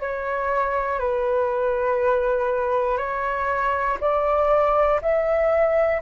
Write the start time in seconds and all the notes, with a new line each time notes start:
0.00 C#5
1.00 B4
2.98 C#5
4.00 D5
5.02 E5